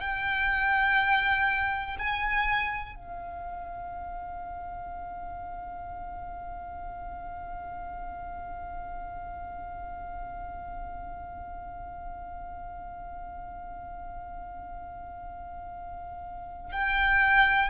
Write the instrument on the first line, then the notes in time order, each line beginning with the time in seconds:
violin
0.00 G5
1.98 G#5
2.95 F5
16.72 G5